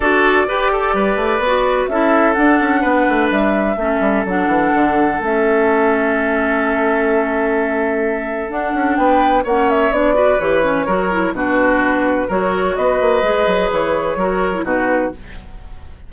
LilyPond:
<<
  \new Staff \with { instrumentName = "flute" } { \time 4/4 \tempo 4 = 127 d''1 | e''4 fis''2 e''4~ | e''4 fis''2 e''4~ | e''1~ |
e''2 fis''4 g''4 | fis''8 e''8 d''4 cis''2 | b'2 cis''4 dis''4~ | dis''4 cis''2 b'4 | }
  \new Staff \with { instrumentName = "oboe" } { \time 4/4 a'4 b'8 a'8 b'2 | a'2 b'2 | a'1~ | a'1~ |
a'2. b'4 | cis''4. b'4. ais'4 | fis'2 ais'4 b'4~ | b'2 ais'4 fis'4 | }
  \new Staff \with { instrumentName = "clarinet" } { \time 4/4 fis'4 g'2 fis'4 | e'4 d'2. | cis'4 d'2 cis'4~ | cis'1~ |
cis'2 d'2 | cis'4 d'8 fis'8 g'8 cis'8 fis'8 e'8 | d'2 fis'2 | gis'2 fis'8. e'16 dis'4 | }
  \new Staff \with { instrumentName = "bassoon" } { \time 4/4 d'4 g'4 g8 a8 b4 | cis'4 d'8 cis'8 b8 a8 g4 | a8 g8 fis8 e8 d4 a4~ | a1~ |
a2 d'8 cis'8 b4 | ais4 b4 e4 fis4 | b,2 fis4 b8 ais8 | gis8 fis8 e4 fis4 b,4 | }
>>